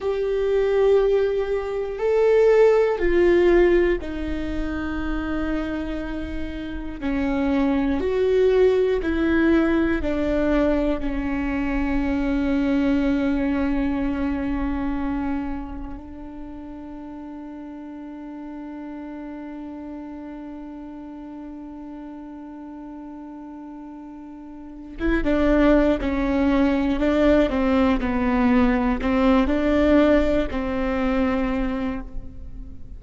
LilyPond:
\new Staff \with { instrumentName = "viola" } { \time 4/4 \tempo 4 = 60 g'2 a'4 f'4 | dis'2. cis'4 | fis'4 e'4 d'4 cis'4~ | cis'1 |
d'1~ | d'1~ | d'4 e'16 d'8. cis'4 d'8 c'8 | b4 c'8 d'4 c'4. | }